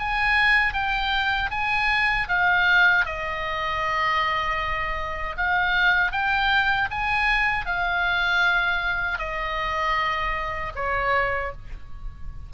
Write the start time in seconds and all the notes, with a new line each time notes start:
0.00 G#5
0.74 G5
1.51 G#5
2.29 F5
3.06 D#5
5.38 F5
6.13 G5
6.91 G#5
7.66 F5
9.19 D#5
10.76 C#5